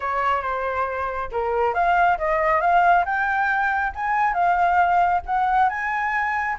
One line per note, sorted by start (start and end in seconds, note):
0.00 0.42 C#5
0.42 1.29 C5
1.31 1.74 A#4
1.74 2.17 F5
2.18 2.61 D#5
2.61 3.04 F5
3.05 3.92 G5
3.95 4.33 G#5
4.33 5.21 F5
5.26 5.69 F#5
5.69 6.56 G#5